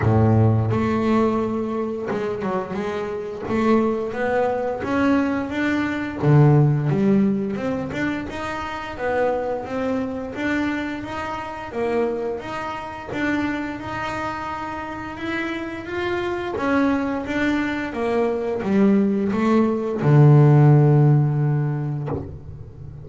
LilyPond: \new Staff \with { instrumentName = "double bass" } { \time 4/4 \tempo 4 = 87 a,4 a2 gis8 fis8 | gis4 a4 b4 cis'4 | d'4 d4 g4 c'8 d'8 | dis'4 b4 c'4 d'4 |
dis'4 ais4 dis'4 d'4 | dis'2 e'4 f'4 | cis'4 d'4 ais4 g4 | a4 d2. | }